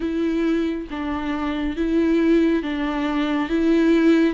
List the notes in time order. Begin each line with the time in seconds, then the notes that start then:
0.00 E4
0.90 D4
1.76 E4
2.62 D4
3.49 E4